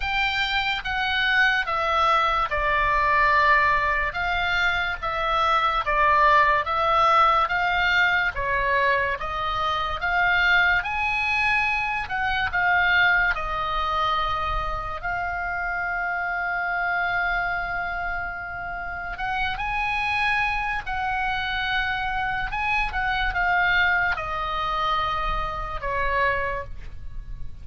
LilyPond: \new Staff \with { instrumentName = "oboe" } { \time 4/4 \tempo 4 = 72 g''4 fis''4 e''4 d''4~ | d''4 f''4 e''4 d''4 | e''4 f''4 cis''4 dis''4 | f''4 gis''4. fis''8 f''4 |
dis''2 f''2~ | f''2. fis''8 gis''8~ | gis''4 fis''2 gis''8 fis''8 | f''4 dis''2 cis''4 | }